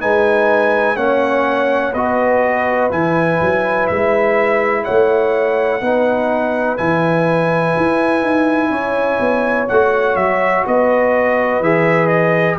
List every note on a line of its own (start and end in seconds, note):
0.00 0.96 G#3
0.00 0.96 D#4
0.00 0.96 B4
0.00 0.96 G#5
0.96 1.93 A#3
0.96 1.93 C#4
0.96 1.92 C#5
0.96 1.93 F#5
1.92 2.91 B3
1.92 2.90 F#4
1.92 4.82 B4
1.92 2.90 D#5
2.90 3.40 E3
2.90 5.80 E4
2.90 3.87 G#5
3.41 3.89 F#3
3.87 4.86 G#3
3.87 4.84 E5
4.84 5.81 A3
4.84 5.80 C#5
4.84 6.77 F#5
5.81 6.78 B3
5.81 6.77 D#4
5.81 8.71 B4
6.77 7.76 E3
6.77 9.68 E4
6.77 9.67 G#5
7.76 8.21 E4
8.21 8.69 D#4
8.69 9.18 C#4
8.69 10.64 C#5
9.20 9.68 B3
9.68 10.16 A3
9.68 11.63 F#4
9.68 10.16 F#5
10.16 10.64 F#3
10.16 10.64 E5
10.66 11.60 B3
10.66 12.59 B4
10.66 11.62 D#5
11.60 12.57 E3
11.60 12.59 G#4
11.60 12.07 E5
12.07 12.55 D#5